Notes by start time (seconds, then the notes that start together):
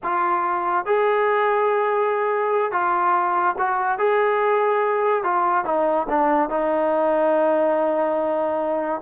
0.03 F4
0.85 G#4
2.71 F4
3.58 F#4
3.98 G#4
5.23 F4
5.64 D#4
6.09 D4
6.49 D#4